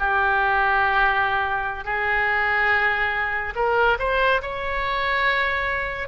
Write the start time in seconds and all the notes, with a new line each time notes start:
0.00 G4
1.85 G#4
3.56 A#4
3.99 C5
4.42 C#5